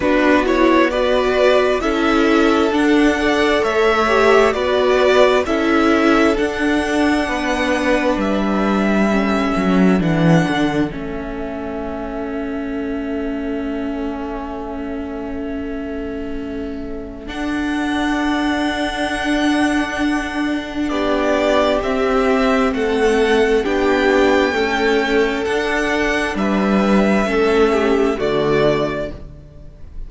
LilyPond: <<
  \new Staff \with { instrumentName = "violin" } { \time 4/4 \tempo 4 = 66 b'8 cis''8 d''4 e''4 fis''4 | e''4 d''4 e''4 fis''4~ | fis''4 e''2 fis''4 | e''1~ |
e''2. fis''4~ | fis''2. d''4 | e''4 fis''4 g''2 | fis''4 e''2 d''4 | }
  \new Staff \with { instrumentName = "violin" } { \time 4/4 fis'4 b'4 a'4. d''8 | cis''4 b'4 a'2 | b'2 a'2~ | a'1~ |
a'1~ | a'2. g'4~ | g'4 a'4 g'4 a'4~ | a'4 b'4 a'8 g'8 fis'4 | }
  \new Staff \with { instrumentName = "viola" } { \time 4/4 d'8 e'8 fis'4 e'4 d'8 a'8~ | a'8 g'8 fis'4 e'4 d'4~ | d'2 cis'4 d'4 | cis'1~ |
cis'2. d'4~ | d'1 | c'2 d'4 a4 | d'2 cis'4 a4 | }
  \new Staff \with { instrumentName = "cello" } { \time 4/4 b2 cis'4 d'4 | a4 b4 cis'4 d'4 | b4 g4. fis8 e8 d8 | a1~ |
a2. d'4~ | d'2. b4 | c'4 a4 b4 cis'4 | d'4 g4 a4 d4 | }
>>